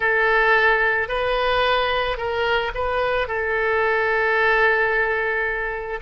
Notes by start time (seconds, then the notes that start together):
0.00 A4
1.08 B4
2.17 A#4
2.74 B4
3.27 A4